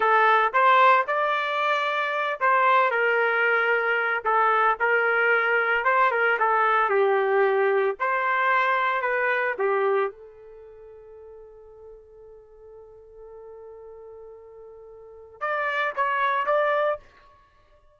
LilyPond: \new Staff \with { instrumentName = "trumpet" } { \time 4/4 \tempo 4 = 113 a'4 c''4 d''2~ | d''8 c''4 ais'2~ ais'8 | a'4 ais'2 c''8 ais'8 | a'4 g'2 c''4~ |
c''4 b'4 g'4 a'4~ | a'1~ | a'1~ | a'4 d''4 cis''4 d''4 | }